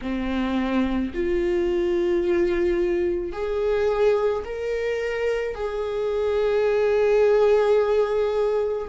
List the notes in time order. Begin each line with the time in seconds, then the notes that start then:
0.01 C4
1.14 F4
3.32 G#4
4.44 A#4
5.55 G#4